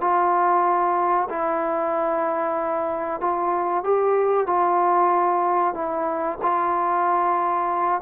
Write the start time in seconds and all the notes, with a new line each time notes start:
0.00 F4
1.29 E4
3.20 F4
3.83 G4
4.46 F4
5.74 E4
6.42 F4